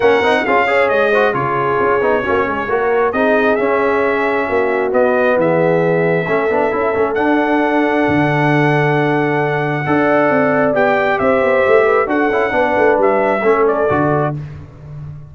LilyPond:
<<
  \new Staff \with { instrumentName = "trumpet" } { \time 4/4 \tempo 4 = 134 fis''4 f''4 dis''4 cis''4~ | cis''2. dis''4 | e''2. dis''4 | e''1 |
fis''1~ | fis''1 | g''4 e''2 fis''4~ | fis''4 e''4. d''4. | }
  \new Staff \with { instrumentName = "horn" } { \time 4/4 ais'4 gis'8 cis''4 c''8 gis'4~ | gis'4 fis'8 gis'8 ais'4 gis'4~ | gis'2 fis'2 | gis'2 a'2~ |
a'1~ | a'2 d''2~ | d''4 c''4. b'8 a'4 | b'2 a'2 | }
  \new Staff \with { instrumentName = "trombone" } { \time 4/4 cis'8 dis'8 f'8 gis'4 fis'8 f'4~ | f'8 dis'8 cis'4 fis'4 dis'4 | cis'2. b4~ | b2 cis'8 d'8 e'8 cis'8 |
d'1~ | d'2 a'2 | g'2. fis'8 e'8 | d'2 cis'4 fis'4 | }
  \new Staff \with { instrumentName = "tuba" } { \time 4/4 ais8 c'8 cis'4 gis4 cis4 | cis'8 b8 ais8 gis8 ais4 c'4 | cis'2 ais4 b4 | e2 a8 b8 cis'8 a8 |
d'2 d2~ | d2 d'4 c'4 | b4 c'8 b8 a4 d'8 cis'8 | b8 a8 g4 a4 d4 | }
>>